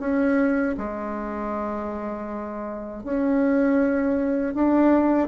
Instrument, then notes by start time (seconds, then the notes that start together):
bassoon
0.00 C#4
0.78 G#3
3.04 C#4
4.55 D4